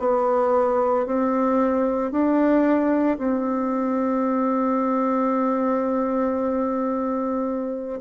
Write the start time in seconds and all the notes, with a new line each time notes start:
0.00 B3
1.07 C4
2.12 D4
3.19 C4